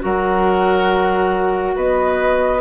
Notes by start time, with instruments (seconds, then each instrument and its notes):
0.00 bassoon F#3, clarinet F#4, oboe A#4, flute F#5
1.76 bassoon B3, oboe B4, flute D#5